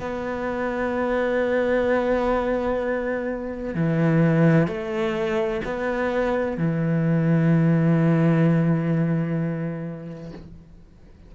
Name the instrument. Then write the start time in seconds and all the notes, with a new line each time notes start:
cello
0.00 B3
3.75 E3
4.67 A3
5.65 B3
6.58 E3